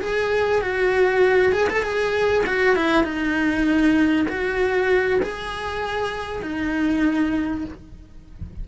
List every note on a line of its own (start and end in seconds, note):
0.00 0.61 G#4
0.61 1.52 F#4
1.52 1.67 G#4
1.69 1.82 A4
1.82 2.44 G#4
2.46 2.75 F#4
2.75 3.03 E4
3.03 4.26 D#4
4.28 5.20 F#4
5.22 6.42 G#4
6.42 7.64 D#4